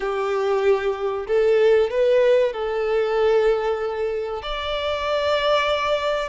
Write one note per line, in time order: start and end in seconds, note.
0.00 1.26 G4
1.27 1.90 A4
1.90 2.53 B4
2.53 4.42 A4
4.42 6.28 D5